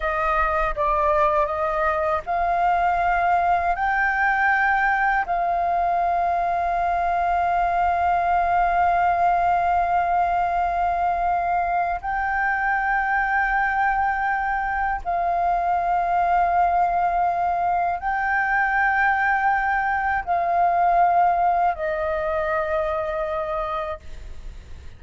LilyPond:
\new Staff \with { instrumentName = "flute" } { \time 4/4 \tempo 4 = 80 dis''4 d''4 dis''4 f''4~ | f''4 g''2 f''4~ | f''1~ | f''1 |
g''1 | f''1 | g''2. f''4~ | f''4 dis''2. | }